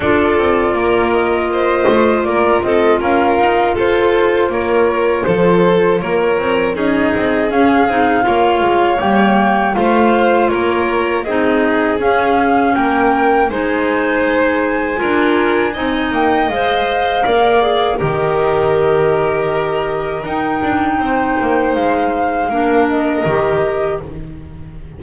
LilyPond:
<<
  \new Staff \with { instrumentName = "flute" } { \time 4/4 \tempo 4 = 80 d''4. dis''4. d''8 dis''8 | f''4 c''4 cis''4 c''4 | cis''4 dis''4 f''2 | g''4 f''4 cis''4 dis''4 |
f''4 g''4 gis''2~ | gis''4. g''8 f''2 | dis''2. g''4~ | g''4 f''4. dis''4. | }
  \new Staff \with { instrumentName = "violin" } { \time 4/4 a'4 ais'4 c''4 ais'8 a'8 | ais'4 a'4 ais'4 a'4 | ais'4 gis'2 cis''4~ | cis''4 c''4 ais'4 gis'4~ |
gis'4 ais'4 c''2 | ais'4 dis''2 d''4 | ais'1 | c''2 ais'2 | }
  \new Staff \with { instrumentName = "clarinet" } { \time 4/4 f'1~ | f'1~ | f'4 dis'4 cis'8 dis'8 f'4 | ais4 f'2 dis'4 |
cis'2 dis'2 | f'4 dis'4 c''4 ais'8 gis'8 | g'2. dis'4~ | dis'2 d'4 g'4 | }
  \new Staff \with { instrumentName = "double bass" } { \time 4/4 d'8 c'8 ais4. a8 ais8 c'8 | cis'8 dis'8 f'4 ais4 f4 | ais8 c'8 cis'8 c'8 cis'8 c'8 ais8 gis8 | g4 a4 ais4 c'4 |
cis'4 ais4 gis2 | d'4 c'8 ais8 gis4 ais4 | dis2. dis'8 d'8 | c'8 ais8 gis4 ais4 dis4 | }
>>